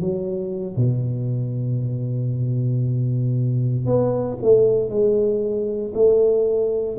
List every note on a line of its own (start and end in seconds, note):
0.00 0.76 F#3
0.76 3.86 B2
3.86 4.37 B3
4.42 4.89 A3
4.89 5.92 G#3
5.94 6.97 A3